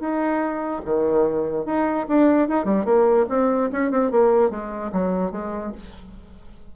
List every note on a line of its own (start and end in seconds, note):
0.00 0.82 D#4
0.85 1.65 D#3
1.65 2.06 D#4
2.09 2.48 D4
2.48 2.65 D#4
2.65 2.85 G3
2.85 3.26 A#3
3.29 3.70 C4
3.72 3.91 C#4
3.91 4.11 C4
4.11 4.50 A#3
4.50 4.91 G#3
4.92 5.32 F#3
5.32 5.72 G#3